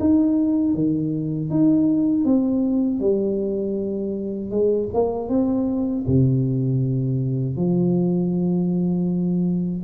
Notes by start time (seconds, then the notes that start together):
0.00 D#4
0.74 D#3
1.50 D#4
2.25 C4
3.00 G3
4.51 G#3
4.94 A#3
5.29 C4
6.07 C3
7.56 F3